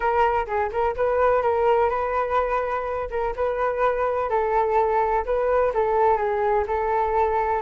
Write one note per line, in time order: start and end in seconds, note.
0.00 0.46 A#4
0.46 0.70 G#4
0.71 0.95 A#4
0.96 1.42 B4
1.42 1.89 A#4
1.89 3.08 B4
3.10 3.34 A#4
3.35 4.29 B4
4.29 5.24 A4
5.25 5.72 B4
5.74 6.17 A4
6.17 6.64 G#4
6.67 7.62 A4